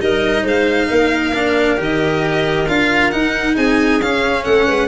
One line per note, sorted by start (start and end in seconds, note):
0.00 0.44 G3
0.00 1.33 D#4
0.00 0.43 A#4
0.00 0.46 D#5
0.43 0.88 G#3
0.43 0.88 C5
0.43 1.81 F5
0.90 1.79 A#3
0.90 3.56 A#4
1.34 1.78 D4
1.78 2.68 D#3
1.78 2.66 G4
1.78 2.69 D#5
2.68 3.12 D4
2.68 3.12 F4
2.68 3.11 F5
3.11 4.01 D#4
3.11 3.57 D#4
3.11 3.55 F#5
3.56 4.01 C4
3.56 4.44 G#4
3.56 4.01 G#5
4.01 4.46 C#4
4.01 4.89 C#4
4.01 4.45 F5
4.44 4.68 A3
4.44 4.66 A4
4.44 4.89 F#5
4.67 4.89 G#3
4.67 4.89 B4